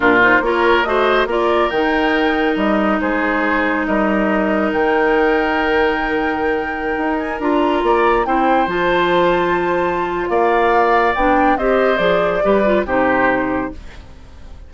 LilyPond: <<
  \new Staff \with { instrumentName = "flute" } { \time 4/4 \tempo 4 = 140 ais'8 c''8 cis''4 dis''4 d''4 | g''2 dis''4 c''4~ | c''4 dis''2 g''4~ | g''1~ |
g''8. gis''8 ais''2 g''8.~ | g''16 a''2.~ a''8. | f''2 g''4 dis''4 | d''2 c''2 | }
  \new Staff \with { instrumentName = "oboe" } { \time 4/4 f'4 ais'4 c''4 ais'4~ | ais'2. gis'4~ | gis'4 ais'2.~ | ais'1~ |
ais'2~ ais'16 d''4 c''8.~ | c''1 | d''2. c''4~ | c''4 b'4 g'2 | }
  \new Staff \with { instrumentName = "clarinet" } { \time 4/4 d'8 dis'8 f'4 fis'4 f'4 | dis'1~ | dis'1~ | dis'1~ |
dis'4~ dis'16 f'2 e'8.~ | e'16 f'2.~ f'8.~ | f'2 d'4 g'4 | gis'4 g'8 f'8 dis'2 | }
  \new Staff \with { instrumentName = "bassoon" } { \time 4/4 ais,4 ais4 a4 ais4 | dis2 g4 gis4~ | gis4 g2 dis4~ | dis1~ |
dis16 dis'4 d'4 ais4 c'8.~ | c'16 f2.~ f8. | ais2 b4 c'4 | f4 g4 c2 | }
>>